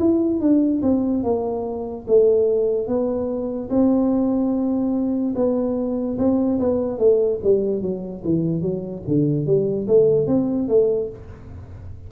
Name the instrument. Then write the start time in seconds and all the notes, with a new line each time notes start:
tuba
0.00 E4
0.41 D4
0.83 C4
1.24 A#3
2.08 A3
2.88 B3
3.70 C4
5.36 B3
6.19 C4
6.60 B3
6.99 A3
7.44 G3
7.82 F#3
8.25 E3
8.62 F#3
9.08 D3
9.46 G3
9.88 A3
10.28 C4
10.69 A3